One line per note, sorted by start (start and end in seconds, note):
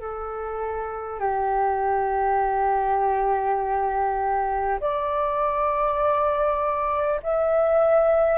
0.00 1.19 A4
1.19 4.79 G4
4.81 7.21 D5
7.23 8.38 E5